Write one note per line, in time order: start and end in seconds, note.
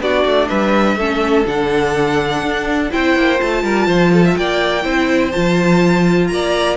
0.00 0.24 B3
0.00 0.98 D4
0.00 0.49 F#4
0.00 0.48 D5
0.25 0.49 A3
0.48 0.96 G3
0.48 0.97 B4
0.48 1.44 E5
0.96 1.44 A3
0.96 1.46 C#4
0.96 2.90 A4
1.46 2.42 D3
1.46 2.90 D4
1.46 2.91 F#5
2.42 2.90 D4
2.90 3.16 C4
2.90 3.36 E4
2.90 3.63 C5
2.90 3.40 G5
3.16 3.40 A#3
3.36 3.63 A3
3.36 4.81 F4
3.36 4.35 A5
3.63 3.87 G3
3.63 3.87 A#4
3.87 4.35 F3
3.87 4.11 C5
4.12 4.24 A4
4.25 4.37 E5
4.35 4.84 A#3
4.35 4.84 D5
4.35 5.31 G5
4.82 5.33 C4
4.82 5.30 E4
4.82 6.29 C5
5.31 6.30 F3
5.31 6.76 F4
5.31 6.27 A5
6.27 6.76 A#3
6.27 6.76 D5
6.27 6.75 A#5